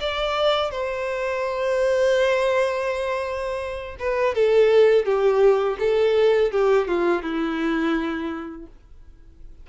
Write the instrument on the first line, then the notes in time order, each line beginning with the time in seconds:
violin
0.00 D5
0.71 C5
3.99 B4
4.34 A4
5.05 G4
5.79 A4
6.51 G4
6.87 F4
7.22 E4